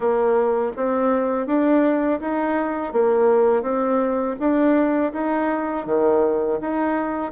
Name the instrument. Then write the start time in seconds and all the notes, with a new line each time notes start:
bassoon
0.00 A#3
0.76 C4
1.46 D4
2.20 D#4
2.92 A#3
3.62 C4
4.39 D4
5.12 D#4
5.85 D#3
6.61 D#4